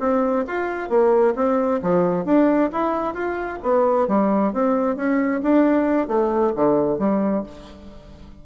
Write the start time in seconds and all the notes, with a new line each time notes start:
0.00 C4
0.48 F4
0.90 A#3
1.36 C4
1.83 F3
2.26 D4
2.73 E4
3.15 F4
3.63 B3
4.08 G3
4.53 C4
4.96 C#4
5.43 D4
6.08 A3
6.56 D3
6.99 G3